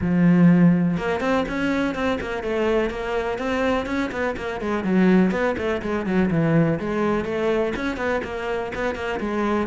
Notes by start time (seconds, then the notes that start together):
0.01 F3
0.97 A#3
1.20 C4
1.48 C#4
1.94 C4
2.20 A#3
2.43 A3
2.89 A#3
3.38 C4
3.86 C#4
4.11 B3
4.37 A#3
4.61 G#3
4.84 F#3
5.31 B3
5.57 A3
5.82 G#3
6.05 F#3
6.30 E3
6.79 G#3
7.24 A3
7.76 C#4
7.97 B3
8.24 A#3
8.74 B3
8.95 A#3
9.20 G#3